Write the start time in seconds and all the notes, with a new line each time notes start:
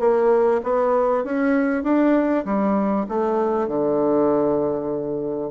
0.00 A#3
0.63 B3
1.24 C#4
1.83 D4
2.45 G3
3.09 A3
3.68 D3